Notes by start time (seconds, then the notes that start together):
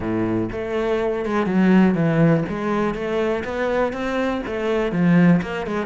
0.00 A2
0.52 A3
1.25 G#3
1.46 F#3
1.94 E3
2.49 G#3
2.94 A3
3.44 B3
3.92 C4
4.46 A3
4.92 F3
5.42 A#3
5.66 G#3